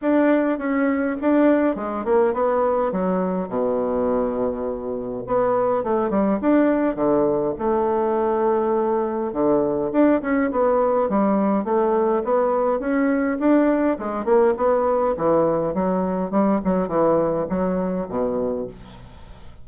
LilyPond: \new Staff \with { instrumentName = "bassoon" } { \time 4/4 \tempo 4 = 103 d'4 cis'4 d'4 gis8 ais8 | b4 fis4 b,2~ | b,4 b4 a8 g8 d'4 | d4 a2. |
d4 d'8 cis'8 b4 g4 | a4 b4 cis'4 d'4 | gis8 ais8 b4 e4 fis4 | g8 fis8 e4 fis4 b,4 | }